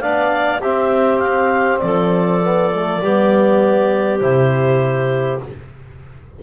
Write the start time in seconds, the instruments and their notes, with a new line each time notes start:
0.00 double bass B3, trombone D4, clarinet D5 F5
0.61 double bass C4, trombone C4, clarinet G4 E5
1.19 clarinet F5
1.79 double bass F3, clarinet A4 D5
2.43 trombone B3
2.74 trombone A3
3.02 double bass G3, trombone B3, clarinet G4
4.21 double bass C3, trombone E4, clarinet C5